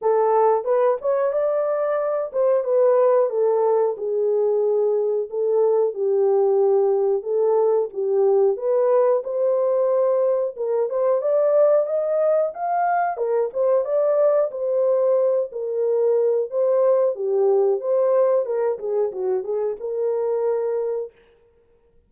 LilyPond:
\new Staff \with { instrumentName = "horn" } { \time 4/4 \tempo 4 = 91 a'4 b'8 cis''8 d''4. c''8 | b'4 a'4 gis'2 | a'4 g'2 a'4 | g'4 b'4 c''2 |
ais'8 c''8 d''4 dis''4 f''4 | ais'8 c''8 d''4 c''4. ais'8~ | ais'4 c''4 g'4 c''4 | ais'8 gis'8 fis'8 gis'8 ais'2 | }